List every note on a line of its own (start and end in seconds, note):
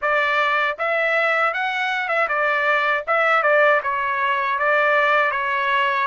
0.01 0.77 D5
0.78 1.53 E5
1.53 2.08 F#5
2.08 2.27 E5
2.28 3.04 D5
3.07 3.42 E5
3.42 3.80 D5
3.83 4.58 C#5
4.58 5.31 D5
5.31 6.07 C#5